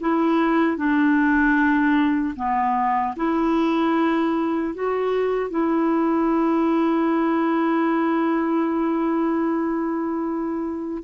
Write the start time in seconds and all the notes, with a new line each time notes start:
0.00 E4
0.77 D4
2.36 B3
3.17 E4
4.74 F#4
5.50 E4